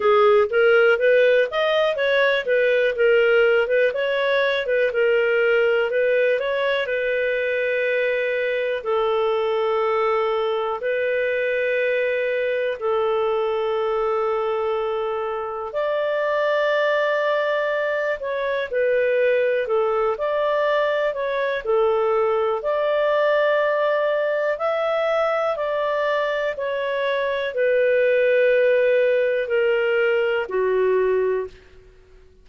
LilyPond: \new Staff \with { instrumentName = "clarinet" } { \time 4/4 \tempo 4 = 61 gis'8 ais'8 b'8 dis''8 cis''8 b'8 ais'8. b'16 | cis''8. b'16 ais'4 b'8 cis''8 b'4~ | b'4 a'2 b'4~ | b'4 a'2. |
d''2~ d''8 cis''8 b'4 | a'8 d''4 cis''8 a'4 d''4~ | d''4 e''4 d''4 cis''4 | b'2 ais'4 fis'4 | }